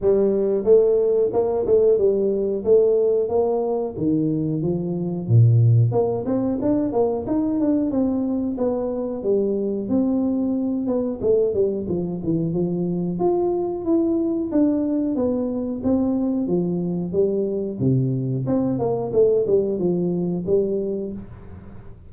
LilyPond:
\new Staff \with { instrumentName = "tuba" } { \time 4/4 \tempo 4 = 91 g4 a4 ais8 a8 g4 | a4 ais4 dis4 f4 | ais,4 ais8 c'8 d'8 ais8 dis'8 d'8 | c'4 b4 g4 c'4~ |
c'8 b8 a8 g8 f8 e8 f4 | f'4 e'4 d'4 b4 | c'4 f4 g4 c4 | c'8 ais8 a8 g8 f4 g4 | }